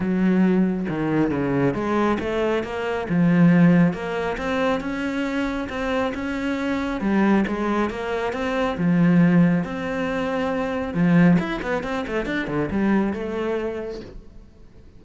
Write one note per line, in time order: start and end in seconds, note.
0.00 0.86 F#3
0.89 1.30 D#3
1.30 1.74 C#3
1.74 2.17 G#3
2.19 2.63 A3
2.63 3.07 A#3
3.09 3.93 F3
3.93 4.37 A#3
4.37 4.80 C4
4.80 5.68 C#4
5.69 6.12 C4
6.14 7.00 C#4
7.00 7.44 G3
7.47 7.90 G#3
7.90 8.33 A#3
8.33 8.76 C4
8.77 9.63 F3
9.63 10.93 C4
10.93 11.37 F3
11.39 11.61 E4
11.62 11.83 B3
11.83 12.05 C4
12.07 12.25 A3
12.25 12.47 D4
12.47 12.69 D3
12.70 13.13 G3
13.13 14.00 A3